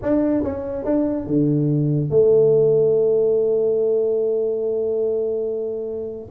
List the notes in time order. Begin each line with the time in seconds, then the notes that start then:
0.02 D4
0.43 C#4
0.84 D4
1.27 D3
2.09 A3